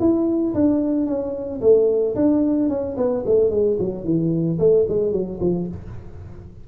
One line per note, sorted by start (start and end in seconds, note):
0.00 0.54 E4
0.55 1.07 D4
1.07 1.61 C#4
1.61 2.15 A3
2.16 2.70 D4
2.70 2.97 C#4
2.97 3.24 B3
3.26 3.51 A3
3.51 3.78 G#3
3.80 4.05 F#3
4.05 4.59 E3
4.59 4.86 A3
4.89 5.13 G#3
5.13 5.40 F#3
5.41 5.68 F3